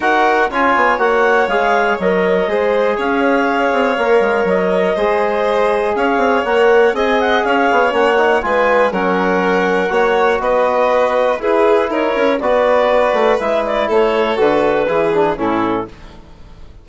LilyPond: <<
  \new Staff \with { instrumentName = "clarinet" } { \time 4/4 \tempo 4 = 121 fis''4 gis''4 fis''4 f''4 | dis''2 f''2~ | f''4 dis''2. | f''4 fis''4 gis''8 fis''8 f''4 |
fis''4 gis''4 fis''2~ | fis''4 dis''2 b'4 | cis''4 d''2 e''8 d''8 | cis''4 b'2 a'4 | }
  \new Staff \with { instrumentName = "violin" } { \time 4/4 ais'4 cis''2.~ | cis''4 c''4 cis''2~ | cis''2 c''2 | cis''2 dis''4 cis''4~ |
cis''4 b'4 ais'2 | cis''4 b'2 gis'4 | ais'4 b'2. | a'2 gis'4 e'4 | }
  \new Staff \with { instrumentName = "trombone" } { \time 4/4 fis'4 f'4 fis'4 gis'4 | ais'4 gis'2. | ais'2 gis'2~ | gis'4 ais'4 gis'2 |
cis'8 dis'8 f'4 cis'2 | fis'2. e'4~ | e'4 fis'2 e'4~ | e'4 fis'4 e'8 d'8 cis'4 | }
  \new Staff \with { instrumentName = "bassoon" } { \time 4/4 dis'4 cis'8 b8 ais4 gis4 | fis4 gis4 cis'4. c'8 | ais8 gis8 fis4 gis2 | cis'8 c'8 ais4 c'4 cis'8 b8 |
ais4 gis4 fis2 | ais4 b2 e'4 | dis'8 cis'8 b4. a8 gis4 | a4 d4 e4 a,4 | }
>>